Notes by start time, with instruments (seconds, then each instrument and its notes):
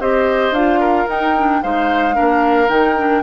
0.00 bassoon C4, clarinet G4, oboe C5, flute D#5
0.51 bassoon D4, clarinet F4, flute F5
0.80 oboe A#4
1.08 clarinet D#4, bassoon D#4, flute G5
1.38 clarinet D4
1.62 bassoon G#3, clarinet D#4, oboe C5, flute F5
2.14 clarinet D4, oboe A#4
2.20 bassoon A#3
2.69 bassoon D#3, clarinet D#4, flute G5
2.97 clarinet D4